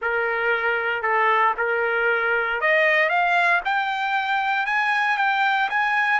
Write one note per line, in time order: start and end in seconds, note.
0.01 1.02 A#4
1.02 1.54 A4
1.57 2.60 A#4
2.61 3.09 D#5
3.09 3.60 F5
3.64 4.66 G5
4.66 5.17 G#5
5.17 5.69 G5
5.69 6.20 G#5